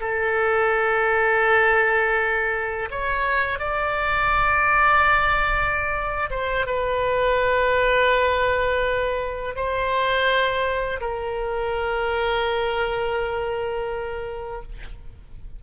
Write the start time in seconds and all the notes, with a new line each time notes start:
0.00 A4
2.90 C#5
3.59 D5
6.30 C5
6.66 B4
9.56 C5
11.00 A#4